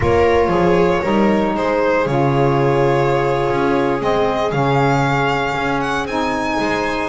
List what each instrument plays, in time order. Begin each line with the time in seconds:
0.00 double bass A#3, saxophone F4, viola A#4, violin C#5
0.47 double bass F3, viola G#4
1.02 double bass G3, saxophone D#4, viola A#4
1.54 double bass G#3, viola G#4, violin C5
2.06 double bass C#3, saxophone F4, violin C#5
3.50 double bass C#4
3.98 double bass G#3, saxophone C4, violin D#5
4.51 double bass C#3, saxophone C#4, violin F5
5.55 double bass C#4
5.80 violin F#5
6.05 double bass C4, saxophone D#4, violin G#5
6.59 double bass G#3, viola C5